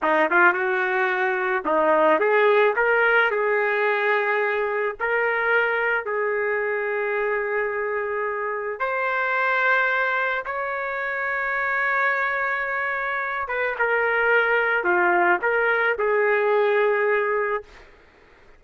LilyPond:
\new Staff \with { instrumentName = "trumpet" } { \time 4/4 \tempo 4 = 109 dis'8 f'8 fis'2 dis'4 | gis'4 ais'4 gis'2~ | gis'4 ais'2 gis'4~ | gis'1 |
c''2. cis''4~ | cis''1~ | cis''8 b'8 ais'2 f'4 | ais'4 gis'2. | }